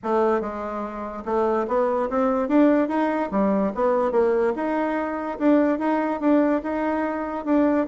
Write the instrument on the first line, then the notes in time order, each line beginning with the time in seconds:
bassoon
0.03 A3
0.40 G#3
1.25 A3
1.67 B3
2.09 C4
2.48 D4
2.88 D#4
3.31 G3
3.74 B3
4.11 A#3
4.55 D#4
5.38 D4
5.78 D#4
6.20 D4
6.62 D#4
7.45 D4